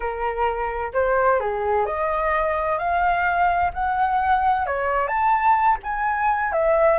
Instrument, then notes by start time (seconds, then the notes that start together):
flute
0.00 A#4
0.93 C5
1.40 G#4
1.85 D#5
2.78 F5
3.73 F#5
4.66 C#5
5.07 A5
5.83 G#5
6.52 E5